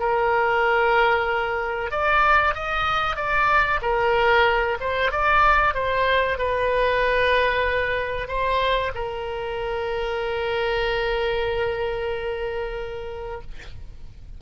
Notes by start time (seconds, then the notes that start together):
0.00 A#4
1.91 D5
2.55 D#5
3.17 D5
3.82 A#4
4.80 C5
5.12 D5
5.75 C5
6.39 B4
8.28 C5
8.95 A#4